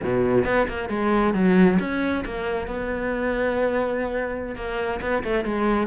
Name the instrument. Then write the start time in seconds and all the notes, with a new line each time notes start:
cello
0.03 B2
0.44 B3
0.67 A#3
0.89 G#3
1.34 F#3
1.79 C#4
2.25 A#3
2.67 B3
4.55 A#3
5.01 B3
5.23 A3
5.44 G#3